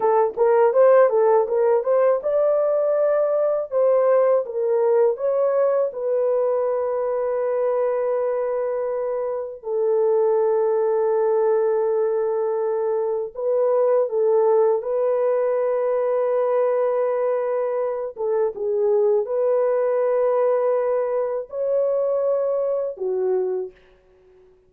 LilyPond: \new Staff \with { instrumentName = "horn" } { \time 4/4 \tempo 4 = 81 a'8 ais'8 c''8 a'8 ais'8 c''8 d''4~ | d''4 c''4 ais'4 cis''4 | b'1~ | b'4 a'2.~ |
a'2 b'4 a'4 | b'1~ | b'8 a'8 gis'4 b'2~ | b'4 cis''2 fis'4 | }